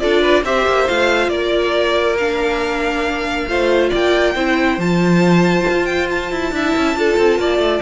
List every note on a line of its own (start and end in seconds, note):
0.00 0.45 D4
0.00 0.44 F4
0.00 0.22 A4
0.00 0.43 D5
0.22 0.43 B4
0.45 0.66 C4
0.45 0.87 G4
0.45 1.32 C5
0.45 0.88 E5
0.67 0.89 A#3
0.87 1.28 A3
0.87 2.18 F4
0.87 1.29 F5
1.28 3.46 A#3
1.28 3.49 A#4
1.28 2.16 D5
2.18 3.49 D4
2.18 3.92 F5
3.47 3.91 A3
3.47 4.36 F4
3.47 3.90 C5
3.90 4.36 A#3
3.90 4.33 D5
3.90 4.80 G5
4.35 4.78 C4
4.35 4.80 E4
4.35 6.53 C5
4.78 5.65 F3
4.78 6.54 F4
4.78 5.86 A5
5.69 6.32 F4
5.86 6.07 G5
6.11 7.82 A5
6.32 6.52 E4
6.52 6.74 D4
6.52 6.96 E4
6.52 6.98 E5
6.76 6.96 C#4
6.96 7.17 D4
6.96 7.82 F4
6.96 7.40 A4
7.18 7.39 C4
7.39 7.58 A#3
7.39 7.82 D5
7.58 7.79 A3